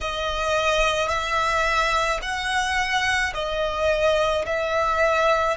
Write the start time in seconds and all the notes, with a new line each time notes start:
0.01 D#5
1.09 E5
2.22 F#5
3.34 D#5
4.45 E5